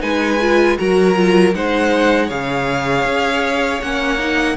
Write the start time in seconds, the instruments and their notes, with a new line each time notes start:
0.00 cello G#3, viola D#4, violin B4 G#5
0.41 viola F4
0.78 cello F#3, viola F#4, violin A#4 A#5
1.15 viola F4
1.54 cello G#3, viola D#4, violin C5 F#5
2.26 cello C#3, viola G#4, violin C#5 F5
3.05 cello C#4
3.82 cello A#3, viola C#4, violin F#5
4.18 viola D#4